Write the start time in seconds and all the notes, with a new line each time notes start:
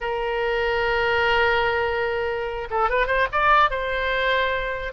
0.01 A#4
2.70 A4
2.89 B4
3.06 C5
3.32 D5
3.70 C5